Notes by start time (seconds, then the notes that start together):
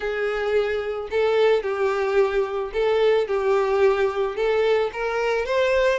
0.00 G#4
1.10 A4
1.62 G4
2.73 A4
3.27 G4
4.36 A4
4.92 A#4
5.45 C5